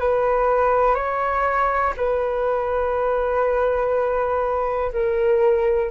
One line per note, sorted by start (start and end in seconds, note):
0.00 0.95 B4
0.95 1.93 C#5
1.97 4.92 B4
4.93 5.91 A#4